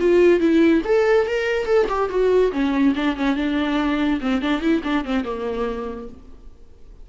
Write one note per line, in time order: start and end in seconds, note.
0.00 0.40 F4
0.40 0.82 E4
0.85 1.27 A4
1.27 1.66 A#4
1.66 1.87 A4
1.89 2.10 G4
2.10 2.52 F#4
2.52 2.94 C#4
2.96 3.17 D4
3.17 3.36 C#4
3.36 4.20 D4
4.21 4.42 C4
4.42 4.62 D4
4.62 4.83 E4
4.84 5.05 D4
5.05 5.25 C4
5.25 6.09 A#3